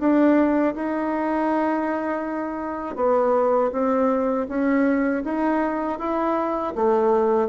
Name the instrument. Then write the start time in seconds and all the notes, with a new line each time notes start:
bassoon
0.00 D4
0.75 D#4
2.96 B3
3.72 C4
4.49 C#4
5.24 D#4
5.99 E4
6.76 A3